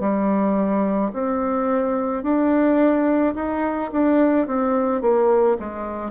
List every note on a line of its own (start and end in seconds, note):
0.00 1.11 G3
1.13 2.23 C4
2.23 3.34 D4
3.35 3.90 D#4
3.92 4.46 D4
4.46 5.01 C4
5.01 5.57 A#3
5.59 6.11 G#3